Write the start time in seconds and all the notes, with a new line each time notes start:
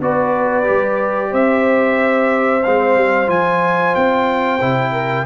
0.00 B3 F#4 B4 D5
0.63 G4
0.70 G3
1.31 C4 C5 E5
2.63 G#3 C4 F5
2.96 G3
3.27 F3 F4 G#5
3.95 C4 G5
4.61 C3 E4
4.92 A#4